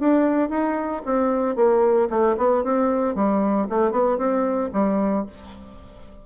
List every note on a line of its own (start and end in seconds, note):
0.00 0.50 D4
0.50 1.02 D#4
1.06 1.56 C4
1.56 2.09 A#3
2.10 2.36 A3
2.38 2.64 B3
2.64 3.15 C4
3.15 3.68 G3
3.69 3.92 A3
3.92 4.18 B3
4.18 4.71 C4
4.73 5.26 G3